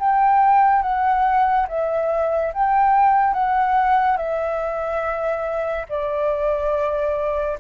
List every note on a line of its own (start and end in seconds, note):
0.00 0.83 G5
0.83 1.67 F#5
1.69 2.53 E5
2.54 3.34 G5
3.34 4.17 F#5
4.17 5.86 E5
5.90 7.59 D5